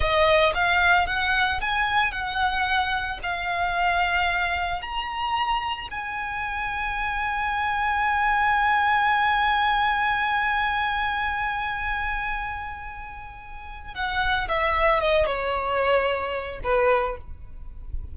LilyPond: \new Staff \with { instrumentName = "violin" } { \time 4/4 \tempo 4 = 112 dis''4 f''4 fis''4 gis''4 | fis''2 f''2~ | f''4 ais''2 gis''4~ | gis''1~ |
gis''1~ | gis''1~ | gis''2 fis''4 e''4 | dis''8 cis''2~ cis''8 b'4 | }